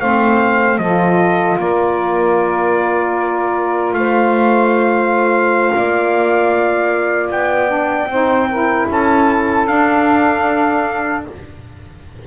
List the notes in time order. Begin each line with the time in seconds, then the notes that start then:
0.00 A3 C4 C5 F5
0.77 F3 F4 A4 D#5
1.57 A#3 A#4 D5
3.93 A3 C5 F5
5.74 A#3 D5
7.31 B3 G5
7.67 D4
8.06 C4 D#4 C5
8.49 E4 A#4
8.89 C#4 A4 A5
9.67 D4 F5